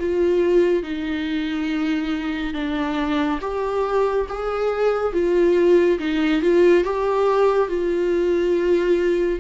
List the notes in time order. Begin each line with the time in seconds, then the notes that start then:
0.00 F4
0.83 D#4
2.54 D4
3.41 G4
4.29 G#4
5.13 F4
5.99 D#4
6.42 F4
6.84 G4
7.68 F4